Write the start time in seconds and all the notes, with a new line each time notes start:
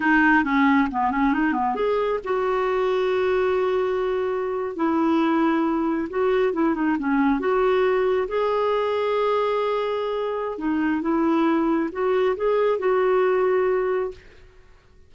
0.00 D#4
0.44 C#4
0.91 B3
1.11 C#4
1.33 D#4
1.53 B3
1.75 G#4
2.24 F#4
4.75 E4
6.09 F#4
6.53 E4
6.74 D#4
6.98 C#4
7.39 F#4
8.27 G#4
10.58 D#4
11.01 E4
11.91 F#4
12.36 G#4
12.78 F#4